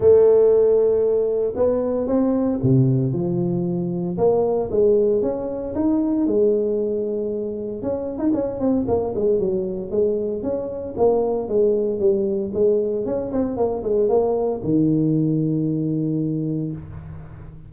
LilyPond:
\new Staff \with { instrumentName = "tuba" } { \time 4/4 \tempo 4 = 115 a2. b4 | c'4 c4 f2 | ais4 gis4 cis'4 dis'4 | gis2. cis'8. dis'16 |
cis'8 c'8 ais8 gis8 fis4 gis4 | cis'4 ais4 gis4 g4 | gis4 cis'8 c'8 ais8 gis8 ais4 | dis1 | }